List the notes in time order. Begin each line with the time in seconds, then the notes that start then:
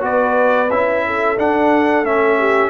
0.00 B3 F#4 B4 D5
0.70 C#4 E4 E5
1.06 A4
1.37 D4 F#5
2.03 A3 C#4 E5
2.38 G4